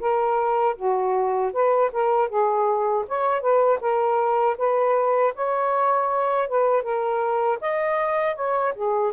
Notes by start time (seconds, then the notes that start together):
0.00 A#4
0.77 F#4
1.53 B4
1.93 A#4
2.29 G#4
3.08 C#5
3.41 B4
3.81 A#4
4.58 B4
5.35 C#5
6.49 B4
6.83 A#4
7.61 D#5
8.35 C#5
8.75 G#4